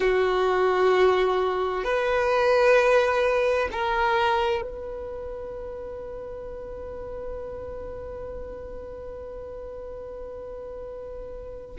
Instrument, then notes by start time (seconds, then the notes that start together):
violin
0.00 F#4
1.83 B4
3.72 A#4
4.61 B4